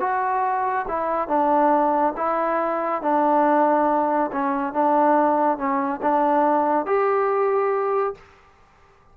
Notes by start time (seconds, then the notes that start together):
0.00 F#4
0.88 E4
1.28 D4
2.17 E4
3.02 D4
4.32 C#4
4.74 D4
5.58 C#4
6.02 D4
6.86 G4